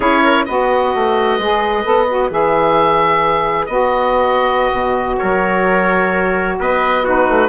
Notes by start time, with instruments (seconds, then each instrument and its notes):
0.00 bassoon C#4, saxophone E4, trumpet G#4, oboe C#5
0.24 trumpet A#4
0.45 bassoon B3, saxophone F#4, trumpet B4, oboe D#5
0.94 bassoon A3
1.38 bassoon G#3, saxophone G#4
1.84 bassoon B3, saxophone A4
2.08 saxophone F#4
2.30 bassoon E3, saxophone G#4, oboe E5
3.66 bassoon B3, saxophone F#4, oboe D#5
4.71 bassoon B2
5.17 bassoon F#3, trumpet A#4, oboe C#5
6.59 bassoon B3, trumpet B4, oboe D#5
7.03 saxophone D#4, trumpet F#4, oboe B4
7.29 bassoon A3